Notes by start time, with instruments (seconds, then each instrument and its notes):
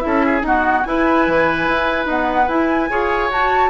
0.00 bassoon C#4, clarinet E4, flute E5
0.06 oboe A4
0.25 oboe G#4
0.42 clarinet B3, bassoon D#4, oboe F#4, flute F#5
0.83 clarinet E4, bassoon E4, oboe B4, flute G#5
1.27 bassoon E3
1.68 bassoon E4
2.05 clarinet B3, bassoon D#4, flute F#5
2.48 bassoon E4, clarinet E4, flute G#5
2.89 bassoon F4, clarinet G#4, oboe C#5
3.30 bassoon F#4, clarinet F#4, flute A5